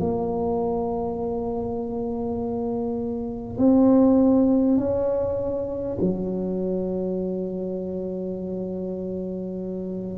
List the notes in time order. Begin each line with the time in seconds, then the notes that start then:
0.00 A#3
3.58 C4
4.78 C#4
6.01 F#3